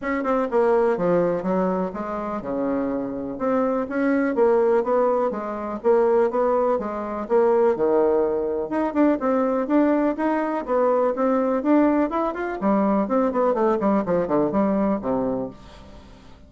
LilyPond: \new Staff \with { instrumentName = "bassoon" } { \time 4/4 \tempo 4 = 124 cis'8 c'8 ais4 f4 fis4 | gis4 cis2 c'4 | cis'4 ais4 b4 gis4 | ais4 b4 gis4 ais4 |
dis2 dis'8 d'8 c'4 | d'4 dis'4 b4 c'4 | d'4 e'8 f'8 g4 c'8 b8 | a8 g8 f8 d8 g4 c4 | }